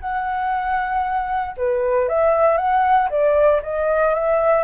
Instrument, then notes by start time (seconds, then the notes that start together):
flute
0.00 F#5
1.57 B4
2.08 E5
2.57 F#5
3.10 D5
3.63 D#5
4.14 E5